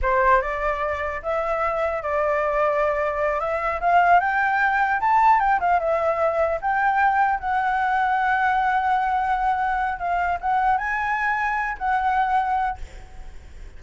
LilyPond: \new Staff \with { instrumentName = "flute" } { \time 4/4 \tempo 4 = 150 c''4 d''2 e''4~ | e''4 d''2.~ | d''8 e''4 f''4 g''4.~ | g''8 a''4 g''8 f''8 e''4.~ |
e''8 g''2 fis''4.~ | fis''1~ | fis''4 f''4 fis''4 gis''4~ | gis''4. fis''2~ fis''8 | }